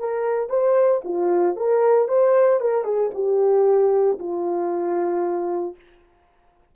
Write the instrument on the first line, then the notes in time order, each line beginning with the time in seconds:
horn
0.00 A#4
0.50 C5
1.05 F4
1.57 A#4
2.09 C5
2.61 A#4
2.85 G#4
3.15 G4
4.20 F4